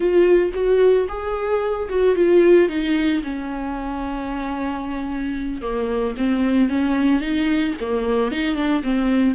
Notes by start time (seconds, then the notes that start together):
0.00 F4
0.54 F#4
1.08 G#4
1.89 F#4
2.15 F4
2.69 D#4
3.23 C#4
5.61 A#3
6.17 C4
6.69 C#4
7.21 D#4
7.80 A#3
8.31 D#4
8.55 D4
8.83 C4